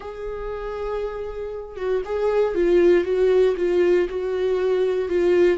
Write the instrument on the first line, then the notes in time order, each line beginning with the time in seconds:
viola
0.00 G#4
1.76 F#4
2.05 G#4
2.54 F4
3.04 F#4
3.57 F4
4.09 F#4
5.08 F4